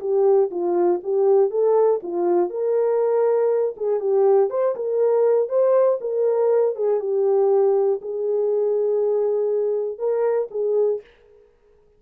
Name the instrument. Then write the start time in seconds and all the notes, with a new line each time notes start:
horn
0.00 G4
0.50 F4
1.03 G4
1.50 A4
2.02 F4
2.50 A#4
3.77 G#4
4.00 G4
4.50 C5
4.75 A#4
5.48 C5
6.00 A#4
6.75 G#4
7.00 G4
8.02 G#4
9.98 A#4
10.51 G#4